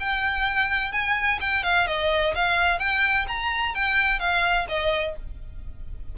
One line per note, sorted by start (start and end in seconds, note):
0.00 0.92 G5
0.92 1.39 G#5
1.41 1.63 G5
1.63 1.87 F5
1.87 2.34 D#5
2.35 2.79 F5
2.79 3.26 G5
3.28 3.75 A#5
3.75 4.19 G5
4.19 4.66 F5
4.69 5.15 D#5